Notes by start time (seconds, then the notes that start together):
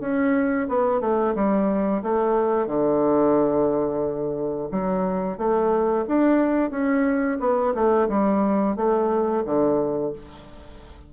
0.00 C#4
0.68 B3
1.01 A3
1.35 G3
2.03 A3
2.67 D3
4.71 F#3
5.37 A3
6.08 D4
6.70 C#4
7.40 B3
7.74 A3
8.09 G3
8.76 A3
9.45 D3